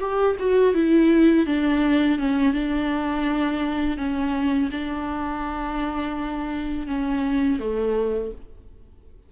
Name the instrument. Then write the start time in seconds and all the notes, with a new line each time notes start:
viola
0.00 G4
0.39 F#4
0.74 E4
1.46 D4
2.19 C#4
2.53 D4
3.98 C#4
4.72 D4
6.87 C#4
7.59 A3